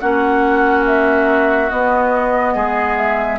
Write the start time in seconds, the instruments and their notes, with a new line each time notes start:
0.00 bassoon A#3, clarinet C#4, oboe F#4, flute F#5
0.87 flute E5
1.70 clarinet B3, bassoon B3, flute D#5
2.55 bassoon G#3, oboe G#4
2.98 flute E5